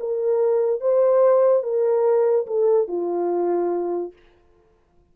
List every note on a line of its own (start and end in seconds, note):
0.00 0.81 A#4
0.81 1.63 C5
1.63 2.46 A#4
2.47 2.88 A4
2.88 4.13 F4